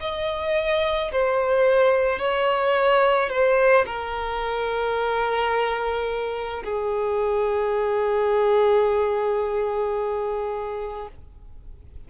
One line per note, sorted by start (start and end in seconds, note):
0.00 1.11 D#5
1.11 2.19 C5
2.19 3.29 C#5
3.29 3.85 C5
3.85 6.63 A#4
6.64 11.08 G#4